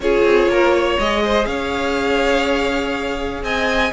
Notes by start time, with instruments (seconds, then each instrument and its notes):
0.00 cello C#4, viola F4, violin G#4 C#5
0.23 cello C4
0.47 cello A#3, violin A#4
0.74 violin C#5
0.99 cello G#3, viola G#4, violin D#5
1.24 violin C5
1.46 cello C#4, violin C#5 F5
3.42 cello C4, violin D#5 G#5